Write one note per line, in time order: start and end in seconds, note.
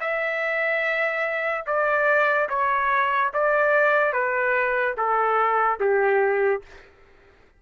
0.00 1.64 E5
1.66 2.48 D5
2.49 3.31 C#5
3.33 4.12 D5
4.12 4.95 B4
4.97 5.79 A4
5.79 6.62 G4